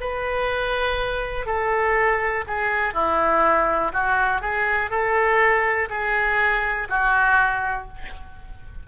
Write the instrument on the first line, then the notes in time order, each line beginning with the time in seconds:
oboe
0.00 B4
1.46 A4
2.47 G#4
2.93 E4
3.93 F#4
4.41 G#4
4.90 A4
5.89 G#4
6.89 F#4